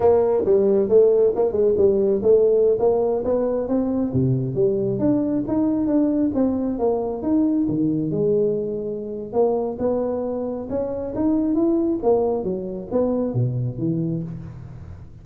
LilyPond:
\new Staff \with { instrumentName = "tuba" } { \time 4/4 \tempo 4 = 135 ais4 g4 a4 ais8 gis8 | g4 a4~ a16 ais4 b8.~ | b16 c'4 c4 g4 d'8.~ | d'16 dis'4 d'4 c'4 ais8.~ |
ais16 dis'4 dis4 gis4.~ gis16~ | gis4 ais4 b2 | cis'4 dis'4 e'4 ais4 | fis4 b4 b,4 e4 | }